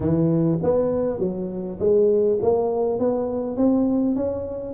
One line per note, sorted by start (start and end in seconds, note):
0.00 0.58 E3
0.62 1.19 B3
1.19 1.78 F#3
1.79 2.38 G#3
2.42 2.99 A#3
2.99 3.56 B3
3.56 4.15 C4
4.15 4.74 C#4